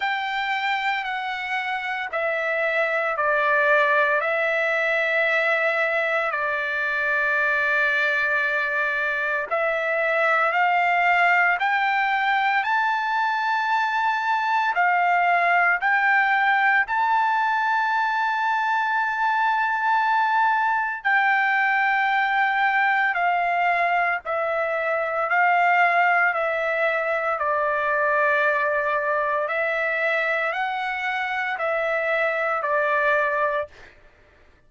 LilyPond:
\new Staff \with { instrumentName = "trumpet" } { \time 4/4 \tempo 4 = 57 g''4 fis''4 e''4 d''4 | e''2 d''2~ | d''4 e''4 f''4 g''4 | a''2 f''4 g''4 |
a''1 | g''2 f''4 e''4 | f''4 e''4 d''2 | e''4 fis''4 e''4 d''4 | }